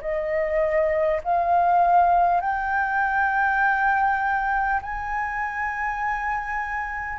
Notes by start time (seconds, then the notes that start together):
0.00 D#5
1.23 F5
2.41 G5
4.82 G#5